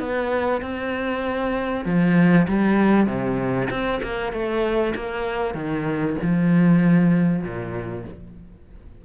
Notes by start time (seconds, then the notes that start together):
0.00 B3
0.62 C4
1.86 F3
2.48 G3
3.07 C3
3.70 C4
4.03 A#3
4.33 A3
4.96 A#3
5.55 D#3
6.22 F3
7.43 A#2